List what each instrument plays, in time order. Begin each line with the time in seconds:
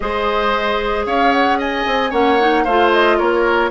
0.00 bassoon G#3, clarinet G#4, oboe C5, flute D#5
1.06 bassoon C#4, oboe C#5, flute F5
1.32 flute F#5
1.58 oboe D#5, flute G#5
1.86 bassoon C4
2.10 bassoon A#3, clarinet C#4, oboe C#5, flute F#5
2.39 clarinet D#4
2.64 bassoon A3, clarinet F4, oboe C5, flute F5
2.91 flute D#5
3.18 bassoon A#3, oboe A#4, flute C#5